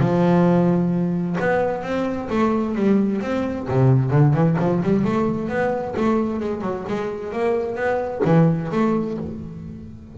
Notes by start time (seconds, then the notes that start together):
0.00 F3
1.40 B3
1.83 C4
2.30 A3
2.76 G3
3.22 C4
3.69 C3
4.11 D3
4.34 E3
4.59 F3
4.83 G3
5.05 A3
5.49 B3
5.97 A3
6.40 G#3
6.62 F#3
6.88 G#3
7.33 A#3
7.76 B3
8.25 E3
8.72 A3